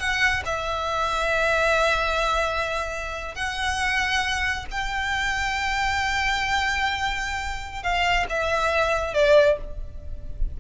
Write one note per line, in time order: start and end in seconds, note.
0.00 0.43 F#5
0.46 3.35 E5
3.35 4.66 F#5
4.71 7.83 G5
7.83 8.27 F5
8.30 9.14 E5
9.14 9.58 D5